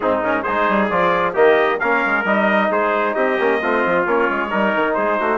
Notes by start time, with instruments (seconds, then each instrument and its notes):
0.00 bassoon G#2, trombone C4, trumpet D#4 G#4
0.23 trombone C#4, trumpet A#4
0.43 bassoon G#3, trombone D#4, trumpet G#4 C5
0.68 bassoon G3
0.89 bassoon F3, trombone F4, trumpet D5
1.33 bassoon D#3, trombone A#3, trumpet G4 D#5
1.79 bassoon A#3, trombone C#4, trumpet A#4 F5
2.05 bassoon G#3
2.24 bassoon G3, trombone D#4, trumpet D#5
2.70 bassoon G#3, trumpet G#4 C5
3.14 bassoon C4, trumpet G4 D#5
3.39 bassoon A#3, trombone C#4
3.61 bassoon A3, trombone C4, trumpet F4
3.85 bassoon F3
4.06 bassoon A#3, trombone C#4, trumpet C#5
4.30 bassoon G#3
4.50 bassoon G3, trombone D#4, trumpet A#4
4.74 bassoon D#3
4.94 bassoon G#3, trumpet G#4 C5
5.19 bassoon A3, trumpet F#4